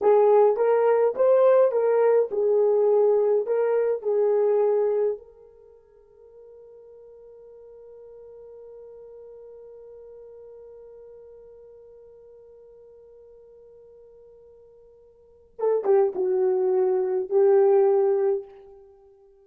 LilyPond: \new Staff \with { instrumentName = "horn" } { \time 4/4 \tempo 4 = 104 gis'4 ais'4 c''4 ais'4 | gis'2 ais'4 gis'4~ | gis'4 ais'2.~ | ais'1~ |
ais'1~ | ais'1~ | ais'2. a'8 g'8 | fis'2 g'2 | }